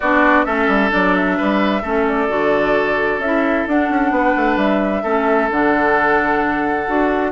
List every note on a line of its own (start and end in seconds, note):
0.00 0.46 B3
0.00 0.45 D4
0.00 0.45 F#4
0.00 0.44 D5
0.44 0.67 A3
0.44 0.90 C#4
0.44 1.37 A4
0.44 0.90 E5
0.67 0.90 G3
0.90 1.39 F#3
0.90 1.81 D4
0.90 1.14 D5
1.14 2.06 E5
1.37 1.82 G3
1.37 1.82 B4
1.82 2.28 A3
1.82 2.28 C#4
1.82 4.11 A4
2.08 3.20 D5
2.28 3.18 D3
2.28 3.20 F#4
3.18 3.64 C#4
3.18 3.66 E5
3.25 3.69 E4
3.67 3.89 D4
3.67 5.04 D4
3.67 4.57 F#5
3.89 4.11 C#4
4.11 4.33 B3
4.11 5.02 B4
4.36 4.56 A3
4.56 5.02 G3
4.56 5.49 E5
5.02 5.49 A3
5.02 5.50 C#4
5.02 7.31 A4
5.50 6.87 D3
5.50 6.86 D4
5.50 7.31 F#5
6.86 7.31 D4
6.86 7.31 F#4